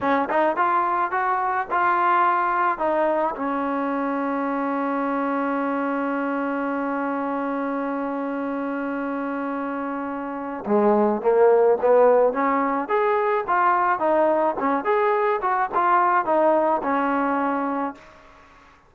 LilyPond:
\new Staff \with { instrumentName = "trombone" } { \time 4/4 \tempo 4 = 107 cis'8 dis'8 f'4 fis'4 f'4~ | f'4 dis'4 cis'2~ | cis'1~ | cis'1~ |
cis'2. gis4 | ais4 b4 cis'4 gis'4 | f'4 dis'4 cis'8 gis'4 fis'8 | f'4 dis'4 cis'2 | }